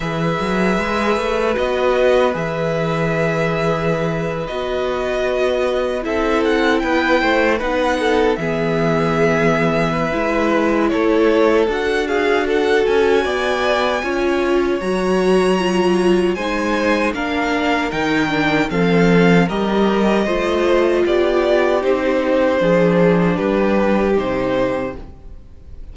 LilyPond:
<<
  \new Staff \with { instrumentName = "violin" } { \time 4/4 \tempo 4 = 77 e''2 dis''4 e''4~ | e''4.~ e''16 dis''2 e''16~ | e''16 fis''8 g''4 fis''4 e''4~ e''16~ | e''2 cis''4 fis''8 f''8 |
fis''8 gis''2~ gis''8 ais''4~ | ais''4 gis''4 f''4 g''4 | f''4 dis''2 d''4 | c''2 b'4 c''4 | }
  \new Staff \with { instrumentName = "violin" } { \time 4/4 b'1~ | b'2.~ b'8. a'16~ | a'8. b'8 c''8 b'8 a'8 gis'4~ gis'16~ | gis'8. b'4~ b'16 a'4. gis'8 |
a'4 d''4 cis''2~ | cis''4 c''4 ais'2 | a'4 ais'4 c''4 g'4~ | g'4 gis'4 g'2 | }
  \new Staff \with { instrumentName = "viola" } { \time 4/4 gis'2 fis'4 gis'4~ | gis'4.~ gis'16 fis'2 e'16~ | e'4.~ e'16 dis'4 b4~ b16~ | b4 e'2 fis'4~ |
fis'2 f'4 fis'4 | f'4 dis'4 d'4 dis'8 d'8 | c'4 g'4 f'2 | dis'4 d'2 dis'4 | }
  \new Staff \with { instrumentName = "cello" } { \time 4/4 e8 fis8 gis8 a8 b4 e4~ | e4.~ e16 b2 c'16~ | c'8. b8 a8 b4 e4~ e16~ | e4 gis4 a4 d'4~ |
d'8 cis'8 b4 cis'4 fis4~ | fis4 gis4 ais4 dis4 | f4 g4 a4 b4 | c'4 f4 g4 c4 | }
>>